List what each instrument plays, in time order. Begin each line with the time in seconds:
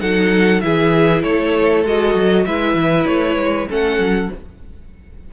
0.00 cello F#3, viola D#4, violin A4 F#5
0.60 cello E3, viola E4, violin G#4 E5
1.22 cello A3, violin A4 C#5
1.84 cello G#3, viola F#4, violin D#5
2.14 cello F#3
2.45 cello G#3, viola E4, violin B4 E5
2.74 cello E3
3.06 cello A3, violin C#5
3.36 cello G#3
3.68 cello A3, viola C#4, violin A4 F#5
3.98 cello F#3